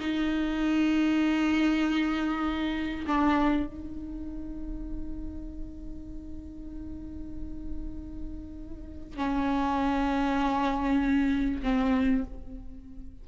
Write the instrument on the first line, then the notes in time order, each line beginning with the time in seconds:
viola
0.00 D#4
3.07 D4
3.67 D#4
9.17 C#4
11.63 C4